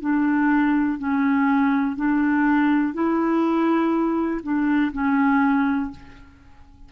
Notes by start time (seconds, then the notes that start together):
0.00 D4
0.98 C#4
1.96 D4
2.93 E4
4.42 D4
4.92 C#4